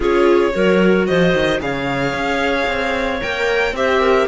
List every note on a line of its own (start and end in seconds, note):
0.00 0.54 C#4
0.00 0.53 F4
0.00 0.52 G#4
0.00 1.07 C#5
0.53 1.08 F#3
0.53 1.60 F#4
0.53 1.07 A#4
1.07 1.33 F3
1.07 1.61 C5
1.07 1.60 D#5
1.33 1.60 D#3
1.60 2.13 C#3
1.60 3.20 G#4
1.60 3.76 C#5
1.60 3.22 F5
2.13 2.66 C#4
2.66 3.20 C4
3.21 3.72 A#3
3.21 3.75 A#4
3.21 3.75 G5
3.72 4.25 C4
3.72 4.27 G4
3.72 4.00 C5
3.72 4.27 E5
4.00 4.27 A#4